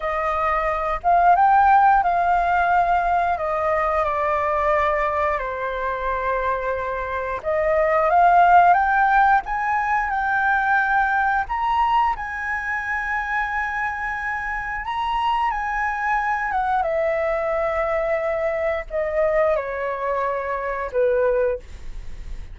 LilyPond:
\new Staff \with { instrumentName = "flute" } { \time 4/4 \tempo 4 = 89 dis''4. f''8 g''4 f''4~ | f''4 dis''4 d''2 | c''2. dis''4 | f''4 g''4 gis''4 g''4~ |
g''4 ais''4 gis''2~ | gis''2 ais''4 gis''4~ | gis''8 fis''8 e''2. | dis''4 cis''2 b'4 | }